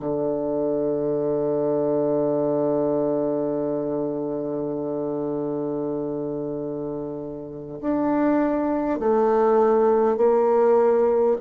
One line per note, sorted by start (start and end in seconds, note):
0.00 7.80 D3
7.81 8.99 D4
8.99 10.17 A3
10.17 11.37 A#3